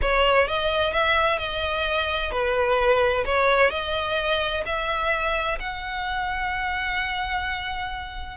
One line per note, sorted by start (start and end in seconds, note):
0.01 0.47 C#5
0.47 0.93 D#5
0.93 1.38 E5
1.38 2.31 D#5
2.31 3.24 B4
3.25 3.70 C#5
3.70 4.63 D#5
4.65 5.58 E5
5.59 8.37 F#5